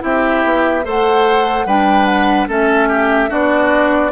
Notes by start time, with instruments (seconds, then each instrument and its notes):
0.00 bassoon C4, clarinet E4, oboe G4, flute E5
0.45 bassoon B3
0.84 bassoon A3, clarinet A4, oboe C5, flute F#5
1.66 bassoon G3, clarinet D4, oboe B4, flute G5
2.05 flute F#5
2.48 bassoon A3, clarinet C#4, oboe A4, flute E5
2.89 oboe G4
3.29 bassoon B3, clarinet D4, oboe F#4, flute D5